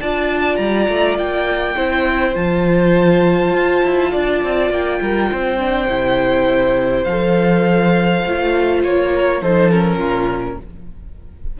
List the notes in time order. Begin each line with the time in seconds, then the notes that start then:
0.00 D4 F4 D5 A5
0.56 G3 A#5
0.88 A3
1.16 A#3 G5
1.75 C4 E4 C5
2.34 F3 F4 A5
3.53 F4
3.84 E4
4.11 D4 D5
4.43 C4
4.70 A#3 G5
5.01 G3 A#4
5.31 C4 C5
5.58 D4
5.88 C3 E4
7.04 F3 A4 F5
8.25 A3 F4
8.83 A#3 C#5
9.12 A#4
9.41 F3 D#4 A4 C5
9.71 C#4 A#4
9.97 A#2 F4